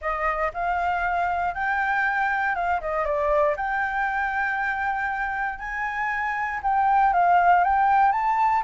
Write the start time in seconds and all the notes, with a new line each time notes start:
0.01 D#5
0.53 F5
1.54 G5
2.55 F5
2.80 D#5
3.04 D5
3.56 G5
5.58 G#5
6.62 G5
7.13 F5
7.63 G5
8.11 A5